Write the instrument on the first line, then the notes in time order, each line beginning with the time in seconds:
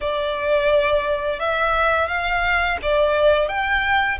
violin
0.00 D5
1.40 E5
2.07 F5
2.82 D5
3.48 G5